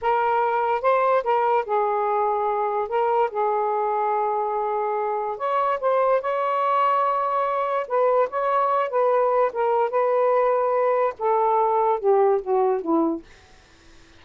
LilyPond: \new Staff \with { instrumentName = "saxophone" } { \time 4/4 \tempo 4 = 145 ais'2 c''4 ais'4 | gis'2. ais'4 | gis'1~ | gis'4 cis''4 c''4 cis''4~ |
cis''2. b'4 | cis''4. b'4. ais'4 | b'2. a'4~ | a'4 g'4 fis'4 e'4 | }